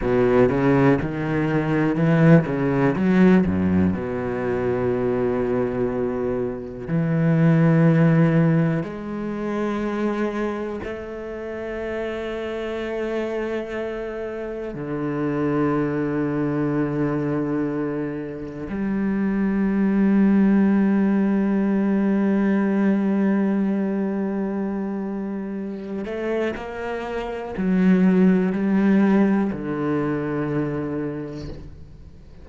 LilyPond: \new Staff \with { instrumentName = "cello" } { \time 4/4 \tempo 4 = 61 b,8 cis8 dis4 e8 cis8 fis8 fis,8 | b,2. e4~ | e4 gis2 a4~ | a2. d4~ |
d2. g4~ | g1~ | g2~ g8 a8 ais4 | fis4 g4 d2 | }